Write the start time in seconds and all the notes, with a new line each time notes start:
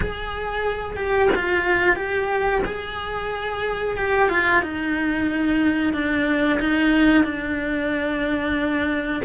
0.00 G#4
0.96 G4
1.35 F4
1.96 G4
2.65 G#4
3.97 G4
4.29 F4
4.62 D#4
5.93 D4
6.59 D#4
7.23 D4